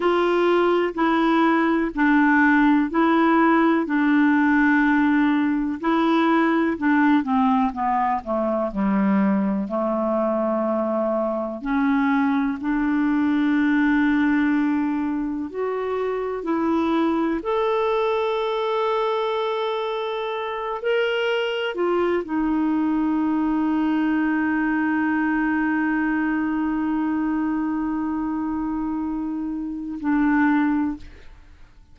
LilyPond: \new Staff \with { instrumentName = "clarinet" } { \time 4/4 \tempo 4 = 62 f'4 e'4 d'4 e'4 | d'2 e'4 d'8 c'8 | b8 a8 g4 a2 | cis'4 d'2. |
fis'4 e'4 a'2~ | a'4. ais'4 f'8 dis'4~ | dis'1~ | dis'2. d'4 | }